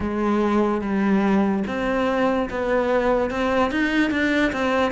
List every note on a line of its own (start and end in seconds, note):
0.00 0.81 G#3
0.81 1.63 G3
1.67 2.49 C4
2.50 3.30 B3
3.30 3.71 C4
3.71 4.11 D#4
4.11 4.52 D4
4.52 4.91 C4